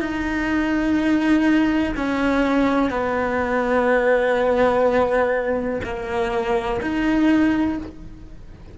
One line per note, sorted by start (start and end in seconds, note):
0.00 1.94 D#4
1.96 2.90 C#4
2.90 5.81 B3
5.84 6.81 A#3
6.81 7.78 D#4